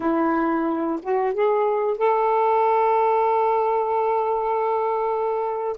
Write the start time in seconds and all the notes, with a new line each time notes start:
0.00 E4
1.02 F#4
1.34 G#4
1.98 A4